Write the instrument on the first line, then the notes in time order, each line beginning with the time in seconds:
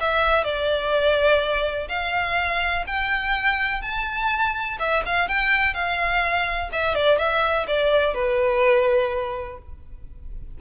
violin
0.00 E5
0.44 D5
1.89 F5
2.87 G5
3.82 A5
4.79 E5
5.06 F5
5.28 G5
5.74 F5
6.72 E5
6.95 D5
7.19 E5
7.67 D5
8.14 B4